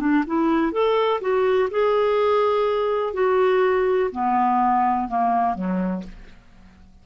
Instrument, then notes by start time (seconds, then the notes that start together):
clarinet
0.00 D4
0.27 E4
0.72 A4
1.21 F#4
1.71 G#4
3.14 F#4
4.12 B3
5.09 A#3
5.55 F#3